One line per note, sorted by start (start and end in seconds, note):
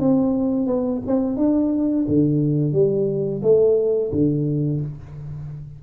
0.00 0.67 C4
0.67 1.02 B3
1.07 1.37 C4
1.37 2.06 D4
2.08 2.73 D3
2.73 3.42 G3
3.43 4.12 A3
4.12 4.81 D3